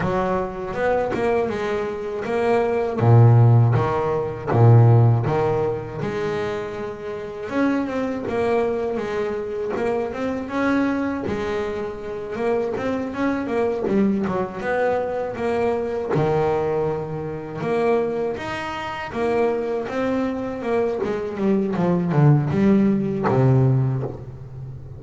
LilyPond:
\new Staff \with { instrumentName = "double bass" } { \time 4/4 \tempo 4 = 80 fis4 b8 ais8 gis4 ais4 | ais,4 dis4 ais,4 dis4 | gis2 cis'8 c'8 ais4 | gis4 ais8 c'8 cis'4 gis4~ |
gis8 ais8 c'8 cis'8 ais8 g8 fis8 b8~ | b8 ais4 dis2 ais8~ | ais8 dis'4 ais4 c'4 ais8 | gis8 g8 f8 d8 g4 c4 | }